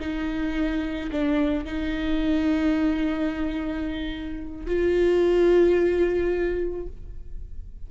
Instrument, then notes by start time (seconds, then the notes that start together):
viola
0.00 D#4
1.11 D4
1.65 D#4
4.66 F4